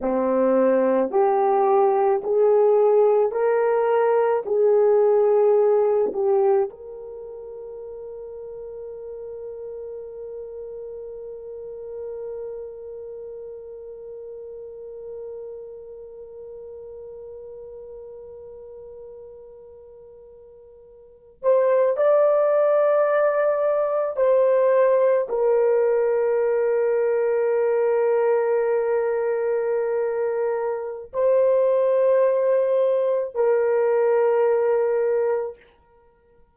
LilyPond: \new Staff \with { instrumentName = "horn" } { \time 4/4 \tempo 4 = 54 c'4 g'4 gis'4 ais'4 | gis'4. g'8 ais'2~ | ais'1~ | ais'1~ |
ais'2.~ ais'16 c''8 d''16~ | d''4.~ d''16 c''4 ais'4~ ais'16~ | ais'1 | c''2 ais'2 | }